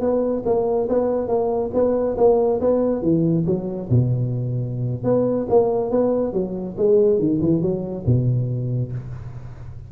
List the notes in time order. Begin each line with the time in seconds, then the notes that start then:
0.00 B3
0.45 A#3
0.88 B3
1.28 A#3
1.73 B3
2.17 A#3
2.60 B3
3.02 E3
3.46 F#3
3.89 B2
5.03 B3
5.49 A#3
5.90 B3
6.33 F#3
6.77 G#3
7.19 D#3
7.41 E3
7.61 F#3
8.06 B2